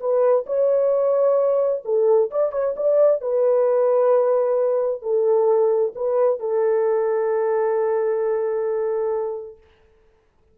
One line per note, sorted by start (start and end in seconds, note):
0.00 0.45 B4
0.46 1.83 C#5
1.85 2.31 A4
2.31 2.52 D5
2.52 2.75 C#5
2.76 3.21 D5
3.21 5.02 B4
5.02 5.93 A4
5.95 6.40 B4
6.40 9.58 A4